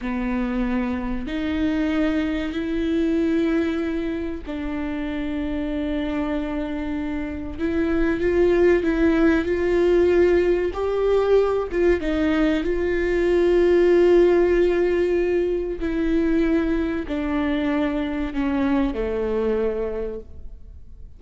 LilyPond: \new Staff \with { instrumentName = "viola" } { \time 4/4 \tempo 4 = 95 b2 dis'2 | e'2. d'4~ | d'1 | e'4 f'4 e'4 f'4~ |
f'4 g'4. f'8 dis'4 | f'1~ | f'4 e'2 d'4~ | d'4 cis'4 a2 | }